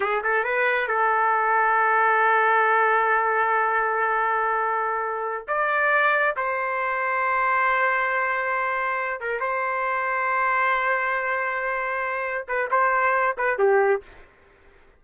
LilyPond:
\new Staff \with { instrumentName = "trumpet" } { \time 4/4 \tempo 4 = 137 gis'8 a'8 b'4 a'2~ | a'1~ | a'1~ | a'8 d''2 c''4.~ |
c''1~ | c''4 ais'8 c''2~ c''8~ | c''1~ | c''8 b'8 c''4. b'8 g'4 | }